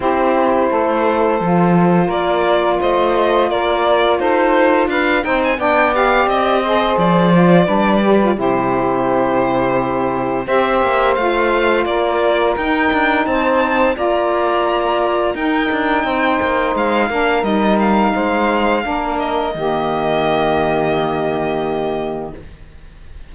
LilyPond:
<<
  \new Staff \with { instrumentName = "violin" } { \time 4/4 \tempo 4 = 86 c''2. d''4 | dis''4 d''4 c''4 f''8 g''16 gis''16 | g''8 f''8 dis''4 d''2 | c''2. e''4 |
f''4 d''4 g''4 a''4 | ais''2 g''2 | f''4 dis''8 f''2 dis''8~ | dis''1 | }
  \new Staff \with { instrumentName = "saxophone" } { \time 4/4 g'4 a'2 ais'4 | c''4 ais'4 a'4 b'8 c''8 | d''4. c''4. b'4 | g'2. c''4~ |
c''4 ais'2 c''4 | d''2 ais'4 c''4~ | c''8 ais'4. c''4 ais'4 | g'1 | }
  \new Staff \with { instrumentName = "saxophone" } { \time 4/4 e'2 f'2~ | f'2.~ f'8 dis'8 | d'8 g'4 gis'4 f'8 d'8 g'16 f'16 | e'2. g'4 |
f'2 dis'2 | f'2 dis'2~ | dis'8 d'8 dis'2 d'4 | ais1 | }
  \new Staff \with { instrumentName = "cello" } { \time 4/4 c'4 a4 f4 ais4 | a4 ais4 dis'4 d'8 c'8 | b4 c'4 f4 g4 | c2. c'8 ais8 |
a4 ais4 dis'8 d'8 c'4 | ais2 dis'8 d'8 c'8 ais8 | gis8 ais8 g4 gis4 ais4 | dis1 | }
>>